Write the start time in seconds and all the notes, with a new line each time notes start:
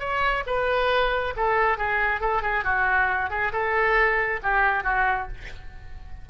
0.00 C#5
0.47 B4
1.37 A4
1.78 G#4
2.21 A4
2.42 G#4
2.64 F#4
3.30 G#4
3.53 A4
4.43 G4
4.84 F#4